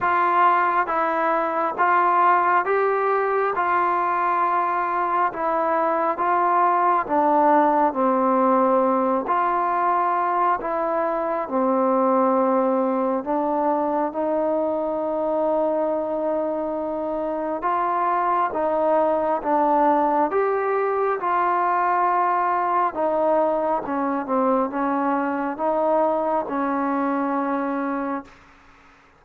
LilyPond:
\new Staff \with { instrumentName = "trombone" } { \time 4/4 \tempo 4 = 68 f'4 e'4 f'4 g'4 | f'2 e'4 f'4 | d'4 c'4. f'4. | e'4 c'2 d'4 |
dis'1 | f'4 dis'4 d'4 g'4 | f'2 dis'4 cis'8 c'8 | cis'4 dis'4 cis'2 | }